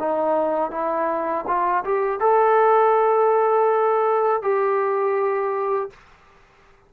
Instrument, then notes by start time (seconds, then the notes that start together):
trombone
0.00 D#4
0.71 E4
1.47 F4
1.85 G4
2.21 A4
4.42 G4